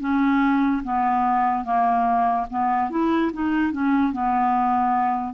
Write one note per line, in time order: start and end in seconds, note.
0.00 0.82 C#4
0.84 1.64 B3
1.64 2.46 A#3
2.50 2.90 B3
2.90 3.31 E4
3.33 3.72 D#4
3.72 4.12 C#4
4.12 5.33 B3